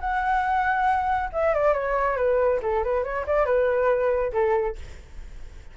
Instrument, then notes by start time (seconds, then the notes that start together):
flute
0.00 F#5
1.32 E5
1.54 D5
1.73 C#5
2.16 B4
2.62 A4
2.84 B4
3.03 C#5
3.26 D5
3.45 B4
4.32 A4